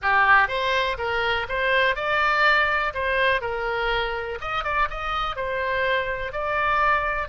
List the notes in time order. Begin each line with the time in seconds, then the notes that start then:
0.02 G4
0.47 C5
0.98 A#4
1.49 C5
1.95 D5
2.94 C5
3.41 A#4
4.40 D#5
4.63 D5
4.89 D#5
5.35 C5
6.32 D5